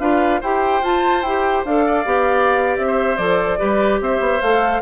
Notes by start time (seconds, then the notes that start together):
0.00 D4 F4 B4 F5
0.41 E4 G4 C5 G5
0.82 F4 A5
1.23 E4 G4 G5
1.65 D4 A4 F5
1.87 D5
2.06 B3 G4
2.78 C4 E5
2.87 C5
3.17 F3 A4 D5
3.59 G3 G4 B4
4.01 C4 C5 E5
4.20 B3
4.41 A3 A4 F5